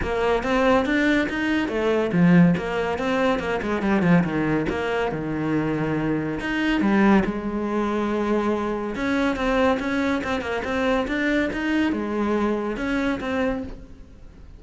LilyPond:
\new Staff \with { instrumentName = "cello" } { \time 4/4 \tempo 4 = 141 ais4 c'4 d'4 dis'4 | a4 f4 ais4 c'4 | ais8 gis8 g8 f8 dis4 ais4 | dis2. dis'4 |
g4 gis2.~ | gis4 cis'4 c'4 cis'4 | c'8 ais8 c'4 d'4 dis'4 | gis2 cis'4 c'4 | }